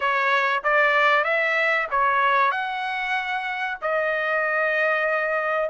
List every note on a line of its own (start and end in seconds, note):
0.00 0.62 C#5
0.63 1.24 D5
1.24 1.87 E5
1.90 2.51 C#5
2.51 3.77 F#5
3.81 5.69 D#5